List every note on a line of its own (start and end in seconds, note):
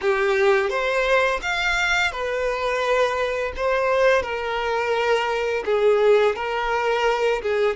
0.01 0.69 G4
0.69 1.40 C5
1.41 2.11 F5
2.11 3.52 B4
3.56 4.22 C5
4.22 5.63 A#4
5.65 6.35 G#4
6.35 7.41 A#4
7.41 7.76 G#4